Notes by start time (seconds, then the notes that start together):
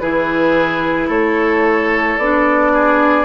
0.00 E3 E4 G#4 B4
1.08 A3 A4 C#5
2.18 B3 D4 D5
2.74 G#4